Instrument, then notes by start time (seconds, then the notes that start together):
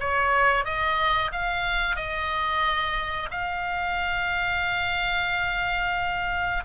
oboe
0.00 C#5
0.65 D#5
1.32 F5
1.96 D#5
3.31 F5